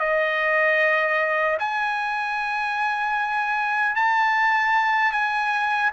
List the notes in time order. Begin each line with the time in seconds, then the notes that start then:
0.00 D#5
1.59 G#5
3.96 A5
5.12 G#5